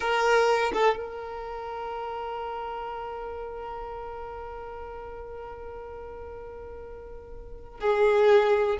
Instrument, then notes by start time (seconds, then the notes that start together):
violin
0.00 A#4
0.73 A4
0.96 A#4
7.80 G#4